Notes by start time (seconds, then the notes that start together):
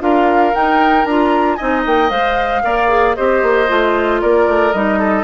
0.00 D4 F4 A#4 F5
0.55 D#4 G5
1.05 D4 F4 A#5
1.55 C4 D#4 D#5 G#5
1.86 A#3 G5
2.09 G#3 C5 F5
2.63 A#3 A#4 D5
2.89 G#4
3.15 C4 G4 C5 D#5
3.43 A#3
3.68 A3 F4
4.21 A#3 A#4 D5
4.48 A3
4.73 G3 D#4 D#5
4.99 A4